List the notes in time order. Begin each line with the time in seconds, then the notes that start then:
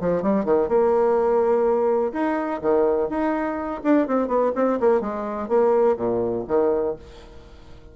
0.00 F3
0.22 G3
0.45 D#3
0.68 A#3
2.12 D#4
2.61 D#3
3.09 D#4
3.83 D4
4.07 C4
4.27 B3
4.55 C4
4.80 A#3
5.01 G#3
5.48 A#3
5.96 A#2
6.47 D#3